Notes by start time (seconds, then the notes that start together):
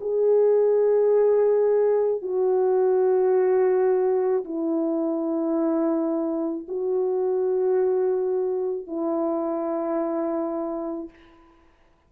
0.00 G#4
2.22 F#4
4.44 E4
6.68 F#4
8.87 E4